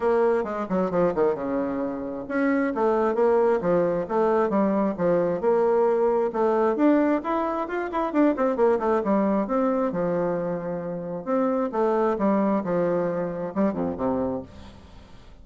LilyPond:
\new Staff \with { instrumentName = "bassoon" } { \time 4/4 \tempo 4 = 133 ais4 gis8 fis8 f8 dis8 cis4~ | cis4 cis'4 a4 ais4 | f4 a4 g4 f4 | ais2 a4 d'4 |
e'4 f'8 e'8 d'8 c'8 ais8 a8 | g4 c'4 f2~ | f4 c'4 a4 g4 | f2 g8 f,8 c4 | }